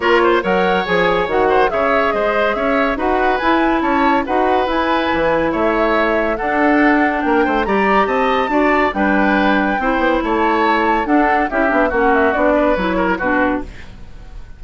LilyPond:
<<
  \new Staff \with { instrumentName = "flute" } { \time 4/4 \tempo 4 = 141 cis''4 fis''4 gis''4 fis''4 | e''4 dis''4 e''4 fis''4 | gis''4 a''4 fis''4 gis''4~ | gis''4 e''2 fis''4~ |
fis''4 g''4 ais''4 a''4~ | a''4 g''2. | a''2 fis''4 e''4 | fis''8 e''8 d''4 cis''4 b'4 | }
  \new Staff \with { instrumentName = "oboe" } { \time 4/4 ais'8 c''8 cis''2~ cis''8 c''8 | cis''4 c''4 cis''4 b'4~ | b'4 cis''4 b'2~ | b'4 cis''2 a'4~ |
a'4 ais'8 c''8 d''4 dis''4 | d''4 b'2 c''4 | cis''2 a'4 g'4 | fis'4. b'4 ais'8 fis'4 | }
  \new Staff \with { instrumentName = "clarinet" } { \time 4/4 f'4 ais'4 gis'4 fis'4 | gis'2. fis'4 | e'2 fis'4 e'4~ | e'2. d'4~ |
d'2 g'2 | fis'4 d'2 e'4~ | e'2 d'4 e'8 d'8 | cis'4 d'4 e'4 d'4 | }
  \new Staff \with { instrumentName = "bassoon" } { \time 4/4 ais4 fis4 f4 dis4 | cis4 gis4 cis'4 dis'4 | e'4 cis'4 dis'4 e'4 | e4 a2 d'4~ |
d'4 ais8 a8 g4 c'4 | d'4 g2 c'8 b8 | a2 d'4 cis'8 b8 | ais4 b4 fis4 b,4 | }
>>